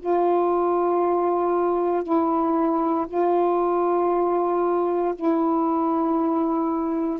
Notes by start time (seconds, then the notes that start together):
0.00 F4
2.03 E4
3.08 F4
5.15 E4